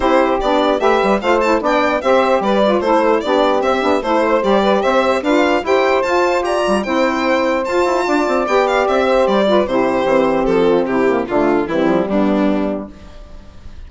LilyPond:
<<
  \new Staff \with { instrumentName = "violin" } { \time 4/4 \tempo 4 = 149 c''4 d''4 e''4 f''8 a''8 | g''4 e''4 d''4 c''4 | d''4 e''4 c''4 d''4 | e''4 f''4 g''4 a''4 |
ais''4 g''2 a''4~ | a''4 g''8 f''8 e''4 d''4 | c''2 a'4 g'4 | f'4 e'4 d'2 | }
  \new Staff \with { instrumentName = "saxophone" } { \time 4/4 g'2 b'4 c''4 | d''4 c''4 b'4 a'4 | g'2 a'8 c''4 b'8 | c''4 b'4 c''2 |
d''4 c''2. | d''2~ d''8 c''4 b'8 | g'2~ g'8 f'8 e'4 | d'4 c'4 b2 | }
  \new Staff \with { instrumentName = "saxophone" } { \time 4/4 e'4 d'4 g'4 f'8 e'8 | d'4 g'4. f'8 e'4 | d'4 c'8 d'8 e'4 g'4~ | g'4 f'4 g'4 f'4~ |
f'4 e'2 f'4~ | f'4 g'2~ g'8 f'8 | e'4 c'2~ c'8 ais8 | a4 g2. | }
  \new Staff \with { instrumentName = "bassoon" } { \time 4/4 c'4 b4 a8 g8 a4 | b4 c'4 g4 a4 | b4 c'8 b8 a4 g4 | c'4 d'4 e'4 f'4 |
g'8 g8 c'2 f'8 e'8 | d'8 c'8 b4 c'4 g4 | c4 e4 f4 c4 | d4 e8 f8 g2 | }
>>